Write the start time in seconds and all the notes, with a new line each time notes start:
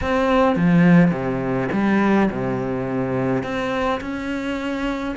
0.01 C4
0.56 F3
1.11 C3
1.72 G3
2.30 C3
3.43 C4
4.01 C#4